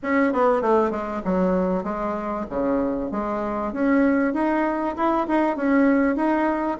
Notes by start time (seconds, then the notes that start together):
0.02 C#4
0.33 B3
0.61 A3
0.91 G#3
1.25 F#3
1.83 G#3
2.49 C#3
3.11 G#3
3.72 C#4
4.33 D#4
4.96 E4
5.27 D#4
5.56 C#4
6.15 D#4